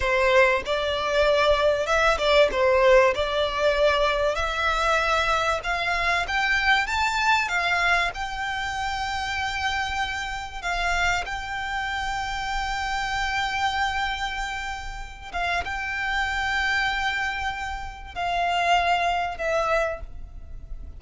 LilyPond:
\new Staff \with { instrumentName = "violin" } { \time 4/4 \tempo 4 = 96 c''4 d''2 e''8 d''8 | c''4 d''2 e''4~ | e''4 f''4 g''4 a''4 | f''4 g''2.~ |
g''4 f''4 g''2~ | g''1~ | g''8 f''8 g''2.~ | g''4 f''2 e''4 | }